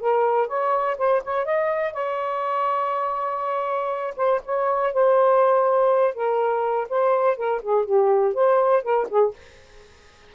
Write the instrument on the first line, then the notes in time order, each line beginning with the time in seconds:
saxophone
0.00 A#4
0.48 C#5
0.98 C5
1.24 C#5
1.45 D#5
1.93 C#5
4.16 C5
4.45 C#5
4.93 C5
6.14 A#4
6.89 C5
7.37 A#4
7.62 G#4
7.85 G4
8.34 C5
8.83 A#4
9.09 G#4